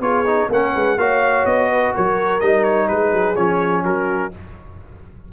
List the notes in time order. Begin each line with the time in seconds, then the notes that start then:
0.00 B3 F4 G#4 C#5
0.26 D#4
0.49 A#3 C#4 A#4 F#5
0.73 G#3 B4
0.97 A#3 F#4 C#5 F5
1.45 B3 D#5
1.71 B4
1.94 F#3 A#4 C#5
2.40 G3 D#4 D#5
2.64 C#5
2.88 G#3 G#4 B4
3.12 F#3
3.36 F3 C#4 C#5
3.83 F#3 F#4 A#4